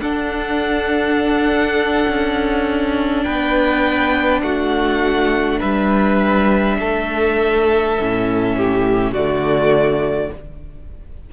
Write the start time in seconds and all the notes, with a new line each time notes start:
0.00 D4 A4 F#5
2.07 C#4
3.23 B3 B4 G5
4.42 A3 F#4 F#5
5.59 G3 B4 E5
6.79 A3 A4
7.99 A2 C#4
8.57 G4
9.12 D3 A3 F#4 D5